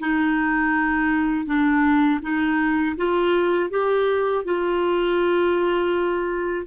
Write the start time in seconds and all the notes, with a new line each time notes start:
0.00 D#4
1.46 D4
2.22 D#4
2.97 F4
3.70 G4
4.44 F4